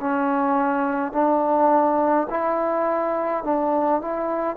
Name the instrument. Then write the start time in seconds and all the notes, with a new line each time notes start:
trombone
0.00 C#4
1.12 D4
2.30 E4
3.44 D4
4.02 E4